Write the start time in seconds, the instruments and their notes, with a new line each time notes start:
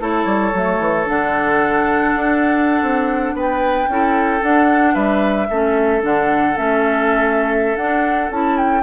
0.00 bassoon A3, clarinet E4, oboe A4, flute C#5
0.26 bassoon G3
0.54 bassoon F#3, clarinet A3
0.79 bassoon E3
1.06 bassoon D3, clarinet D4, flute F#5
2.15 bassoon D4
2.82 bassoon C4
3.34 bassoon B3, oboe B4, flute G5
3.89 bassoon C#4, clarinet E4, oboe A4
4.41 clarinet D4, bassoon D4, flute F#5
4.94 bassoon G3, oboe B4, flute E5
5.50 bassoon A3, clarinet C#4, oboe A4
6.01 bassoon D3, clarinet D4, flute F#5
6.57 bassoon A3, clarinet C#4, flute E5
7.77 bassoon D4, clarinet D4, flute F#5
8.31 bassoon C#4, clarinet E4, flute A5
8.58 flute G5